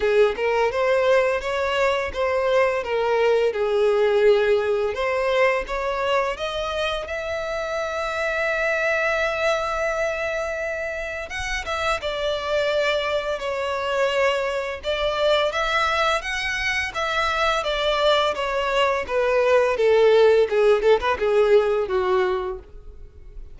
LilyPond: \new Staff \with { instrumentName = "violin" } { \time 4/4 \tempo 4 = 85 gis'8 ais'8 c''4 cis''4 c''4 | ais'4 gis'2 c''4 | cis''4 dis''4 e''2~ | e''1 |
fis''8 e''8 d''2 cis''4~ | cis''4 d''4 e''4 fis''4 | e''4 d''4 cis''4 b'4 | a'4 gis'8 a'16 b'16 gis'4 fis'4 | }